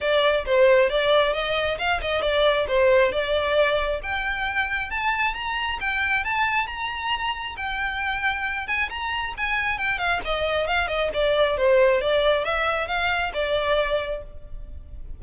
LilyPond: \new Staff \with { instrumentName = "violin" } { \time 4/4 \tempo 4 = 135 d''4 c''4 d''4 dis''4 | f''8 dis''8 d''4 c''4 d''4~ | d''4 g''2 a''4 | ais''4 g''4 a''4 ais''4~ |
ais''4 g''2~ g''8 gis''8 | ais''4 gis''4 g''8 f''8 dis''4 | f''8 dis''8 d''4 c''4 d''4 | e''4 f''4 d''2 | }